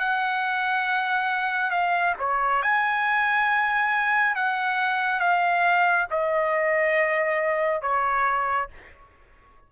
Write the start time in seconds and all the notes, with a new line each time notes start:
0.00 F#5
1.71 F5
2.19 C#5
2.62 G#5
4.36 F#5
5.20 F5
6.11 D#5
7.82 C#5